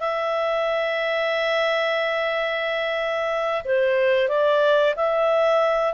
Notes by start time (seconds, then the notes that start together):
0.00 E5
3.64 C5
4.28 D5
4.96 E5